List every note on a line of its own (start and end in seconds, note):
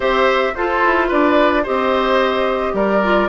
0.00 0.51 C4
0.00 0.53 G4
0.00 0.53 C5
0.00 0.54 E5
0.54 0.83 F4
0.54 1.64 F4
0.54 1.08 A4
0.54 1.10 C5
0.85 1.11 E4
1.08 1.66 D4
1.08 1.63 B4
1.08 1.65 D5
1.63 2.73 C4
1.63 3.02 G4
1.63 2.73 C5
1.63 2.75 D#5
2.73 3.28 G3
2.73 3.29 A#4
2.73 3.29 D5
3.03 3.29 F4